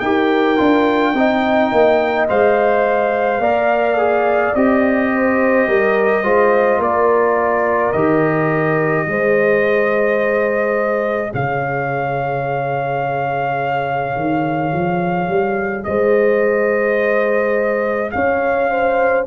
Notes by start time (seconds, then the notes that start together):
0.00 D#4 G4 A#4 G5
0.58 D4 F4
1.15 C4 D#4 D#5
1.72 A#3
2.29 G#3 C5 F5
3.40 A#3 A#4 D5
3.98 G#4
4.55 C4 G4 D#5
5.12 C5
5.68 G3 A#4
6.24 G#3 F4 C5
6.79 A#3 A#4 D5
7.93 D#3 G4 D#5
9.07 G#3 G#4 C5
11.33 C#3 C#5 F5
14.16 D#3
14.74 F3
15.29 G3
15.84 G#3 C5 D#5
18.12 C#4 C#5 F5
18.71 C5